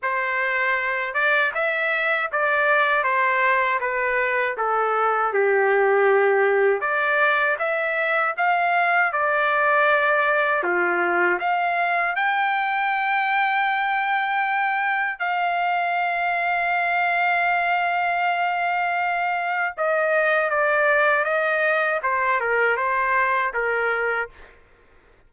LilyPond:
\new Staff \with { instrumentName = "trumpet" } { \time 4/4 \tempo 4 = 79 c''4. d''8 e''4 d''4 | c''4 b'4 a'4 g'4~ | g'4 d''4 e''4 f''4 | d''2 f'4 f''4 |
g''1 | f''1~ | f''2 dis''4 d''4 | dis''4 c''8 ais'8 c''4 ais'4 | }